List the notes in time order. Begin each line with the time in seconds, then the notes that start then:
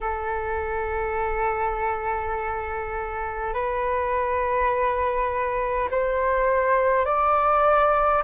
0.01 A4
3.53 B4
5.90 C5
7.05 D5